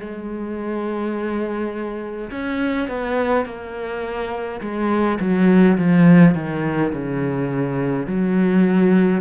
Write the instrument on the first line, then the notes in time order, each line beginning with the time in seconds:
cello
0.00 G#3
2.31 C#4
2.88 B3
3.46 A#3
4.62 G#3
5.20 F#3
5.78 F3
6.35 D#3
6.93 C#3
8.07 F#3